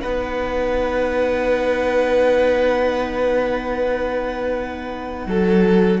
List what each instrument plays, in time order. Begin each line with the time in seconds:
0.00 cello B3, viola D#4, violin B4 F#5
5.26 cello F#3, violin A4